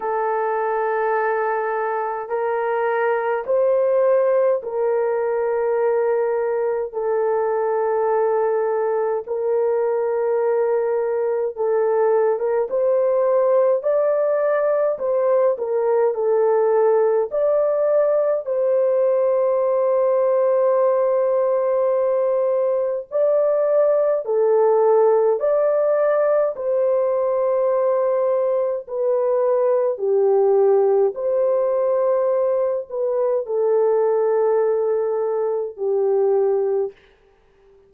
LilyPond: \new Staff \with { instrumentName = "horn" } { \time 4/4 \tempo 4 = 52 a'2 ais'4 c''4 | ais'2 a'2 | ais'2 a'8. ais'16 c''4 | d''4 c''8 ais'8 a'4 d''4 |
c''1 | d''4 a'4 d''4 c''4~ | c''4 b'4 g'4 c''4~ | c''8 b'8 a'2 g'4 | }